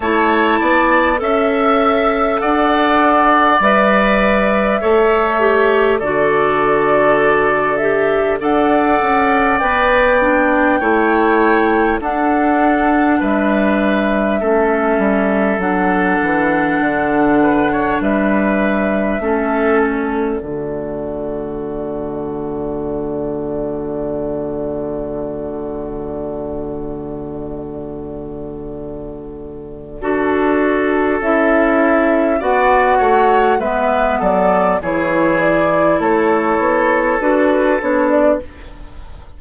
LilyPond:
<<
  \new Staff \with { instrumentName = "flute" } { \time 4/4 \tempo 4 = 50 a''4 e''4 fis''4 e''4~ | e''4 d''4. e''8 fis''4 | g''2 fis''4 e''4~ | e''4 fis''2 e''4~ |
e''8 d''2.~ d''8~ | d''1~ | d''2 e''4 fis''4 | e''8 d''8 cis''8 d''8 cis''4 b'8 cis''16 d''16 | }
  \new Staff \with { instrumentName = "oboe" } { \time 4/4 cis''8 d''8 e''4 d''2 | cis''4 a'2 d''4~ | d''4 cis''4 a'4 b'4 | a'2~ a'8 b'16 cis''16 b'4 |
a'4 fis'2.~ | fis'1~ | fis'4 a'2 d''8 cis''8 | b'8 a'8 gis'4 a'2 | }
  \new Staff \with { instrumentName = "clarinet" } { \time 4/4 e'4 a'2 b'4 | a'8 g'8 fis'4. g'8 a'4 | b'8 d'8 e'4 d'2 | cis'4 d'2. |
cis'4 a2.~ | a1~ | a4 fis'4 e'4 fis'4 | b4 e'2 fis'8 d'8 | }
  \new Staff \with { instrumentName = "bassoon" } { \time 4/4 a8 b8 cis'4 d'4 g4 | a4 d2 d'8 cis'8 | b4 a4 d'4 g4 | a8 g8 fis8 e8 d4 g4 |
a4 d2.~ | d1~ | d4 d'4 cis'4 b8 a8 | gis8 fis8 e4 a8 b8 d'8 b8 | }
>>